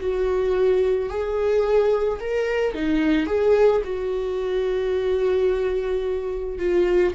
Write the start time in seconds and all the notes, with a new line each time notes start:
0.00 F#4
1.09 G#4
2.20 A#4
2.74 D#4
3.27 G#4
3.84 F#4
6.59 F4